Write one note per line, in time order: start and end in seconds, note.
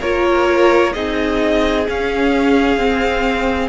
0.00 0.96 A#3
0.00 0.94 F4
0.00 0.92 A#4
0.00 0.93 C#5
0.93 1.88 C4
0.93 1.86 D#4
0.93 3.69 G#4
0.93 1.86 D#5
1.88 2.79 C#4
1.88 2.77 C#4
1.88 3.69 F5
2.77 3.69 C4